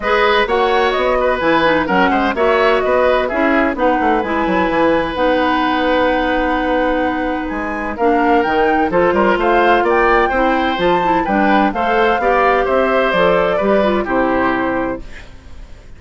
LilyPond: <<
  \new Staff \with { instrumentName = "flute" } { \time 4/4 \tempo 4 = 128 dis''4 fis''4 dis''4 gis''4 | fis''4 e''4 dis''4 e''4 | fis''4 gis''2 fis''4~ | fis''1 |
gis''4 f''4 g''4 c''4 | f''4 g''2 a''4 | g''4 f''2 e''4 | d''2 c''2 | }
  \new Staff \with { instrumentName = "oboe" } { \time 4/4 b'4 cis''4. b'4. | ais'8 c''8 cis''4 b'4 gis'4 | b'1~ | b'1~ |
b'4 ais'2 a'8 ais'8 | c''4 d''4 c''2 | b'4 c''4 d''4 c''4~ | c''4 b'4 g'2 | }
  \new Staff \with { instrumentName = "clarinet" } { \time 4/4 gis'4 fis'2 e'8 dis'8 | cis'4 fis'2 e'4 | dis'4 e'2 dis'4~ | dis'1~ |
dis'4 d'4 dis'4 f'4~ | f'2 e'4 f'8 e'8 | d'4 a'4 g'2 | a'4 g'8 f'8 e'2 | }
  \new Staff \with { instrumentName = "bassoon" } { \time 4/4 gis4 ais4 b4 e4 | fis8 gis8 ais4 b4 cis'4 | b8 a8 gis8 fis8 e4 b4~ | b1 |
gis4 ais4 dis4 f8 g8 | a4 ais4 c'4 f4 | g4 a4 b4 c'4 | f4 g4 c2 | }
>>